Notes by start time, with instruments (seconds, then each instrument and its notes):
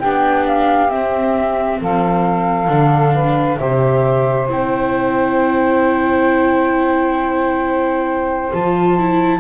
0.00 double bass B3, viola D4, saxophone G4, flute G5
0.47 flute F5
0.89 viola C4, double bass C4, flute E5
1.80 double bass F3, saxophone A4, flute F5
2.68 double bass D3, viola D4
3.14 saxophone B4
3.57 double bass C3, viola G4, saxophone C5, flute E5
4.49 double bass C4, viola E4, flute G5
8.53 double bass F3, viola F4, flute A5
8.99 viola E4